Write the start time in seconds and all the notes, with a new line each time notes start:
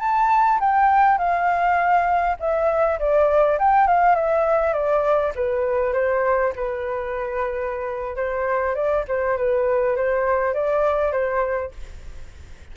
0.00 A5
0.60 G5
1.18 F5
2.40 E5
2.99 D5
3.59 G5
3.87 F5
4.16 E5
4.74 D5
5.36 B4
5.94 C5
6.56 B4
8.17 C5
8.75 D5
9.09 C5
9.38 B4
9.97 C5
10.54 D5
11.12 C5